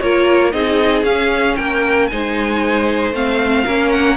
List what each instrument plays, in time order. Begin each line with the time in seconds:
0.00 cello A#3, viola F4, violin A#4 C#5
0.51 cello C4, viola D#4, violin G#4 D#5
1.03 cello C#4, viola C#4, violin F5
1.56 cello A#3, violin A#4 G5
2.07 cello G#3, viola D#4, violin C5 G#5
3.11 cello A3, viola C4, violin F5
3.64 cello A#3, viola C#4, violin A#4
3.91 violin F#5